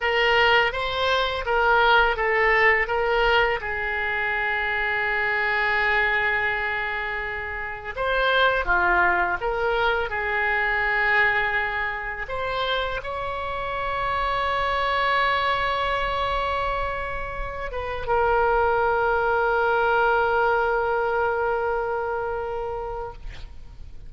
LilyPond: \new Staff \with { instrumentName = "oboe" } { \time 4/4 \tempo 4 = 83 ais'4 c''4 ais'4 a'4 | ais'4 gis'2.~ | gis'2. c''4 | f'4 ais'4 gis'2~ |
gis'4 c''4 cis''2~ | cis''1~ | cis''8 b'8 ais'2.~ | ais'1 | }